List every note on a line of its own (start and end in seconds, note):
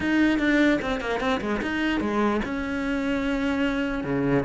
0.00 0.38 D#4
0.38 0.79 D4
0.81 1.00 C4
1.00 1.20 A#3
1.20 1.40 C4
1.40 1.61 G#3
1.61 2.00 D#4
2.00 2.41 G#3
2.44 4.03 C#4
4.03 4.44 C#3